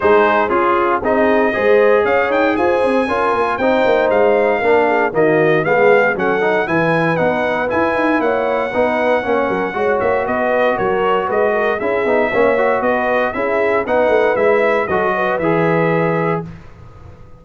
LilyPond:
<<
  \new Staff \with { instrumentName = "trumpet" } { \time 4/4 \tempo 4 = 117 c''4 gis'4 dis''2 | f''8 g''8 gis''2 g''4 | f''2 dis''4 f''4 | fis''4 gis''4 fis''4 gis''4 |
fis''2.~ fis''8 e''8 | dis''4 cis''4 dis''4 e''4~ | e''4 dis''4 e''4 fis''4 | e''4 dis''4 e''2 | }
  \new Staff \with { instrumentName = "horn" } { \time 4/4 gis'4 f'4 gis'4 c''4 | cis''4 c''4 ais'4 c''4~ | c''4 ais'8 gis'8 fis'4 gis'4 | a'4 b'2. |
cis''4 b'4 cis''8 ais'8 cis''4 | b'4 ais'4 b'8 ais'8 gis'4 | cis''4 b'4 gis'4 b'4~ | b'4 a'8 b'2~ b'8 | }
  \new Staff \with { instrumentName = "trombone" } { \time 4/4 dis'4 f'4 dis'4 gis'4~ | gis'2 f'4 dis'4~ | dis'4 d'4 ais4 b4 | cis'8 dis'8 e'4 dis'4 e'4~ |
e'4 dis'4 cis'4 fis'4~ | fis'2. e'8 dis'8 | cis'8 fis'4. e'4 dis'4 | e'4 fis'4 gis'2 | }
  \new Staff \with { instrumentName = "tuba" } { \time 4/4 gis4 cis'4 c'4 gis4 | cis'8 dis'8 f'8 c'8 cis'8 ais8 c'8 ais8 | gis4 ais4 dis4 gis4 | fis4 e4 b4 e'8 dis'8 |
ais4 b4 ais8 fis8 gis8 ais8 | b4 fis4 gis4 cis'8 b8 | ais4 b4 cis'4 b8 a8 | gis4 fis4 e2 | }
>>